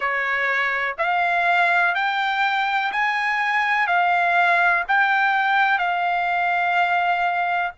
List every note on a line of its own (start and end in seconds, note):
0.00 0.95 C#5
0.98 1.94 F5
1.94 2.91 G5
2.92 3.87 G#5
3.87 4.83 F5
4.88 5.78 G5
5.78 7.72 F5